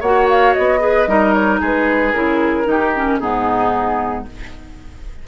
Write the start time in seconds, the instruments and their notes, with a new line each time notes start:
0.00 bassoon A#3, clarinet F#4, oboe C#5, flute F#5
0.29 flute F5
0.54 bassoon B3, flute D#5
0.80 clarinet G#4, oboe B4
1.08 bassoon G3, clarinet D#4, oboe A#4
1.33 flute C#5
1.61 bassoon G#3, oboe G#4, flute B4
2.13 bassoon C#3, clarinet E4, flute A#4
2.65 bassoon D#3, clarinet D#4, oboe G4
2.96 clarinet C#4
3.19 bassoon G#2, clarinet B3, oboe D#4, flute G#4